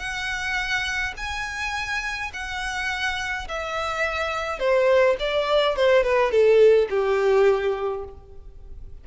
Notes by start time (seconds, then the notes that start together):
0.00 F#5
1.18 G#5
2.34 F#5
3.49 E5
4.60 C5
5.20 D5
5.77 C5
6.04 B4
6.32 A4
6.90 G4